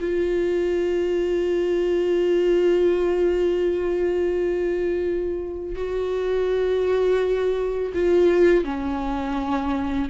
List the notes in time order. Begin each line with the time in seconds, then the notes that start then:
0.00 F4
5.75 F#4
7.94 F4
8.64 C#4